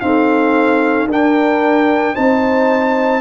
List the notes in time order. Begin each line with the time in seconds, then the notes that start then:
0.00 C4 D#4 A4 F5
1.06 D4 A#4 G5
2.14 C4 D#4 C5 A5